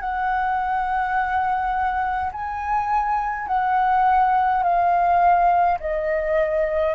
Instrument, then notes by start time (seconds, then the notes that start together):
flute
0.00 F#5
2.32 G#5
3.47 F#5
4.63 F5
5.80 D#5